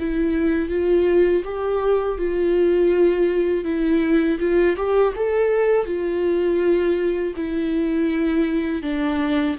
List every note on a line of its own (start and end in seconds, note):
0.00 0.70 E4
0.70 1.44 F4
1.45 2.19 G4
2.19 3.65 F4
3.65 4.39 E4
4.40 4.77 F4
4.77 5.14 G4
5.16 5.86 A4
5.86 7.34 F4
7.37 8.83 E4
8.83 9.57 D4